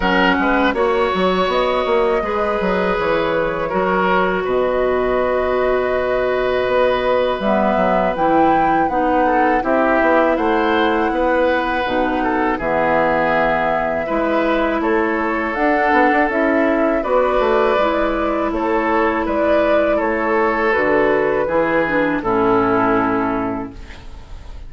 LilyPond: <<
  \new Staff \with { instrumentName = "flute" } { \time 4/4 \tempo 4 = 81 fis''4 cis''4 dis''2 | cis''2 dis''2~ | dis''2 e''4 g''4 | fis''4 e''4 fis''2~ |
fis''4 e''2. | cis''4 fis''4 e''4 d''4~ | d''4 cis''4 d''4 cis''4 | b'2 a'2 | }
  \new Staff \with { instrumentName = "oboe" } { \time 4/4 ais'8 b'8 cis''2 b'4~ | b'4 ais'4 b'2~ | b'1~ | b'8 a'8 g'4 c''4 b'4~ |
b'8 a'8 gis'2 b'4 | a'2. b'4~ | b'4 a'4 b'4 a'4~ | a'4 gis'4 e'2 | }
  \new Staff \with { instrumentName = "clarinet" } { \time 4/4 cis'4 fis'2 gis'4~ | gis'4 fis'2.~ | fis'2 b4 e'4 | dis'4 e'2. |
dis'4 b2 e'4~ | e'4 d'4 e'4 fis'4 | e'1 | fis'4 e'8 d'8 cis'2 | }
  \new Staff \with { instrumentName = "bassoon" } { \time 4/4 fis8 gis8 ais8 fis8 b8 ais8 gis8 fis8 | e4 fis4 b,2~ | b,4 b4 g8 fis8 e4 | b4 c'8 b8 a4 b4 |
b,4 e2 gis4 | a4 d'8 b16 d'16 cis'4 b8 a8 | gis4 a4 gis4 a4 | d4 e4 a,2 | }
>>